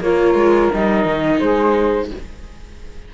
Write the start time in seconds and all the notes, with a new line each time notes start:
0.00 A#3 F4 A#4 C#5
0.34 G#3
0.73 G3 D#4 D#5
1.05 D#3
1.39 G#3 G#4 C5